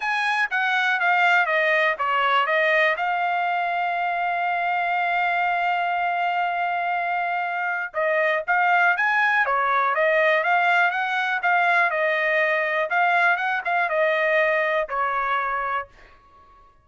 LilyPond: \new Staff \with { instrumentName = "trumpet" } { \time 4/4 \tempo 4 = 121 gis''4 fis''4 f''4 dis''4 | cis''4 dis''4 f''2~ | f''1~ | f''1 |
dis''4 f''4 gis''4 cis''4 | dis''4 f''4 fis''4 f''4 | dis''2 f''4 fis''8 f''8 | dis''2 cis''2 | }